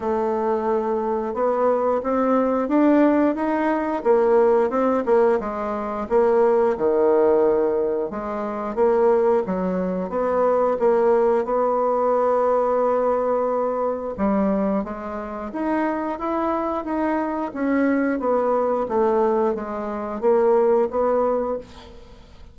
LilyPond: \new Staff \with { instrumentName = "bassoon" } { \time 4/4 \tempo 4 = 89 a2 b4 c'4 | d'4 dis'4 ais4 c'8 ais8 | gis4 ais4 dis2 | gis4 ais4 fis4 b4 |
ais4 b2.~ | b4 g4 gis4 dis'4 | e'4 dis'4 cis'4 b4 | a4 gis4 ais4 b4 | }